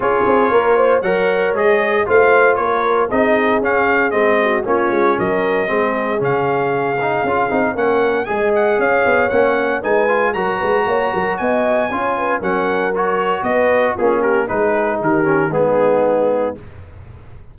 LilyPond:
<<
  \new Staff \with { instrumentName = "trumpet" } { \time 4/4 \tempo 4 = 116 cis''2 fis''4 dis''4 | f''4 cis''4 dis''4 f''4 | dis''4 cis''4 dis''2 | f''2. fis''4 |
gis''8 fis''8 f''4 fis''4 gis''4 | ais''2 gis''2 | fis''4 cis''4 dis''4 gis'8 ais'8 | b'4 ais'4 gis'2 | }
  \new Staff \with { instrumentName = "horn" } { \time 4/4 gis'4 ais'8 c''8 cis''2 | c''4 ais'4 gis'2~ | gis'8 fis'8 f'4 ais'4 gis'4~ | gis'2. ais'4 |
dis''4 cis''2 b'4 | ais'8 b'8 cis''8 ais'8 dis''4 cis''8 b'8 | ais'2 b'4 f'8 g'8 | gis'4 g'4 dis'2 | }
  \new Staff \with { instrumentName = "trombone" } { \time 4/4 f'2 ais'4 gis'4 | f'2 dis'4 cis'4 | c'4 cis'2 c'4 | cis'4. dis'8 f'8 dis'8 cis'4 |
gis'2 cis'4 dis'8 f'8 | fis'2. f'4 | cis'4 fis'2 cis'4 | dis'4. cis'8 b2 | }
  \new Staff \with { instrumentName = "tuba" } { \time 4/4 cis'8 c'8 ais4 fis4 gis4 | a4 ais4 c'4 cis'4 | gis4 ais8 gis8 fis4 gis4 | cis2 cis'8 c'8 ais4 |
gis4 cis'8 b8 ais4 gis4 | fis8 gis8 ais8 fis8 b4 cis'4 | fis2 b4 ais4 | gis4 dis4 gis2 | }
>>